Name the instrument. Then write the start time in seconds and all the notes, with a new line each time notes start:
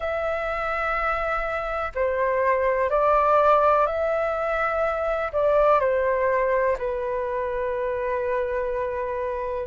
flute
0.00 E5
1.94 C5
2.90 D5
3.86 E5
5.32 D5
5.80 C5
6.78 B4